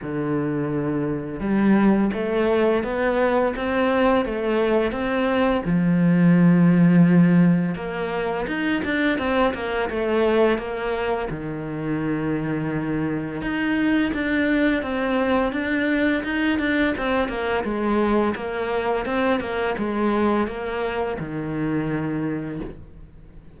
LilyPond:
\new Staff \with { instrumentName = "cello" } { \time 4/4 \tempo 4 = 85 d2 g4 a4 | b4 c'4 a4 c'4 | f2. ais4 | dis'8 d'8 c'8 ais8 a4 ais4 |
dis2. dis'4 | d'4 c'4 d'4 dis'8 d'8 | c'8 ais8 gis4 ais4 c'8 ais8 | gis4 ais4 dis2 | }